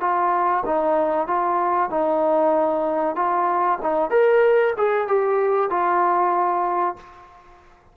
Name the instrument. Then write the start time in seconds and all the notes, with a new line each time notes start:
trombone
0.00 F4
0.65 D#4
1.27 F4
1.90 D#4
3.15 F4
3.82 D#4
4.10 A#4
4.77 G#4
5.07 G4
5.70 F4